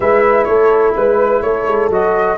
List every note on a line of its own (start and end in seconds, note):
0.00 0.47 G#3
0.00 1.91 E4
0.00 0.47 B4
0.00 0.44 E5
0.44 0.95 A3
0.44 0.95 A4
0.44 0.92 C#5
0.95 1.42 G#3
0.95 1.42 B4
0.95 1.44 B4
1.42 1.65 A3
1.42 2.37 A4
1.42 1.89 C#5
1.65 1.89 G#3
1.89 2.37 F#3
1.89 2.37 F#4
1.89 2.37 D#5